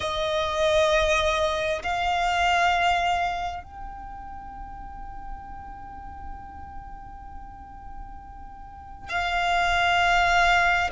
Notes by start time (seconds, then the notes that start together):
0.00 D#5
1.82 F5
3.63 G5
9.08 F5